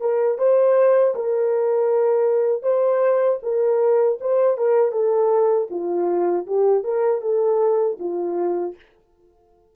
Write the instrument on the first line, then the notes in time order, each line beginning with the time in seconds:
horn
0.00 A#4
0.38 C5
1.15 A#4
2.62 C5
3.42 A#4
4.20 C5
4.57 A#4
4.92 A4
5.70 F4
6.46 G4
6.84 A#4
7.21 A4
7.99 F4